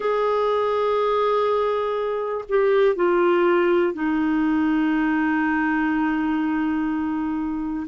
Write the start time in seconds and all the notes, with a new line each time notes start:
0.00 G#4
2.49 G4
2.95 F4
3.93 D#4